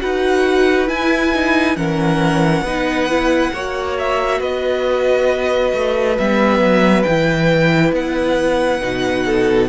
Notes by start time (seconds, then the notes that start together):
0.00 D#4 F#4 B4 F#5
0.88 E4 G#5
1.35 D#4
1.77 E3 C#4 A#4 F#5
2.62 B3 D#4 B4
3.09 E4
3.54 A#3 F#4 C#5
3.99 E5
4.40 B3 B4 D#5
5.74 A3
6.18 G3 B3 E5
6.59 F#3
7.03 E3 G5
7.10 E4
7.92 B3 F#5
8.82 B2 D#4
9.26 A4